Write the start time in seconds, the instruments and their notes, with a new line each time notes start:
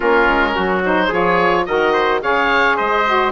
0.00 bassoon A#3, saxophone C#4, trumpet F4, oboe A#4
0.27 bassoon G#3
0.55 bassoon F#3, trumpet F#4
0.83 saxophone D#4, oboe C5
1.08 bassoon F3, saxophone F4, trumpet G#4, oboe C#5
1.65 bassoon D#3, saxophone F#4, trumpet A#4, oboe D#5
1.92 trumpet C5
2.21 bassoon C#3, saxophone G#4, trumpet C#5, oboe F5
2.76 bassoon G#3, trumpet C5, oboe D#5
3.05 saxophone F#4